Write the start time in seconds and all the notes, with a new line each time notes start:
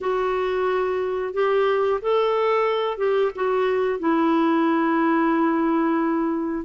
0.00 F#4
1.33 G4
2.02 A4
2.97 G4
3.35 F#4
3.99 E4